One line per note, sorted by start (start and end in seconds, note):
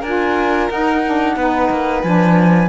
0.00 0.69 D4
0.00 0.70 F4
0.00 1.33 A#4
0.00 0.69 G#5
0.70 1.03 D#4
0.70 1.36 D#4
0.70 2.02 F#5
1.05 1.38 D4
1.36 1.70 B3
1.36 2.04 D#4
1.36 2.69 B4
1.70 2.03 A#3
2.02 2.69 F3
2.02 2.69 D4
2.02 2.69 G#5